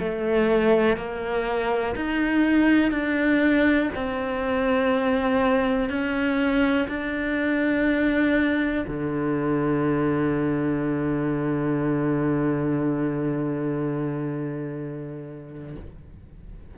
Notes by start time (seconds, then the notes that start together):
0.00 A3
0.97 A#3
1.96 D#4
2.92 D4
3.96 C4
5.90 C#4
6.89 D4
8.88 D3